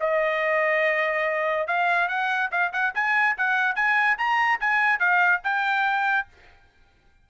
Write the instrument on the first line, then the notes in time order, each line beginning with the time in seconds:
trumpet
0.00 D#5
1.67 F5
2.08 F#5
2.51 F5
2.72 F#5
2.94 G#5
3.37 F#5
3.75 G#5
4.17 A#5
4.60 G#5
4.99 F5
5.44 G5